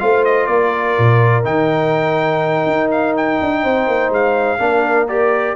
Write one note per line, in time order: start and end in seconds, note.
0.00 0.48 A3
0.00 1.44 F4
0.00 0.50 C5
0.00 0.24 F5
0.25 0.47 D#5
0.47 0.96 A#3
0.47 3.63 A#4
0.47 1.43 D5
0.98 1.45 A#2
1.44 2.66 D#3
1.44 4.58 D#4
1.44 2.91 G5
2.67 3.39 D#4
2.91 3.16 F5
3.17 4.14 G5
3.41 3.65 D4
3.63 3.88 C4
3.63 4.60 C5
3.88 4.10 A#3
4.10 4.58 G#3
4.10 5.08 F5
4.59 5.56 A#3
4.59 5.08 D4
4.59 5.56 A#4
5.08 5.56 G4
5.08 5.56 D5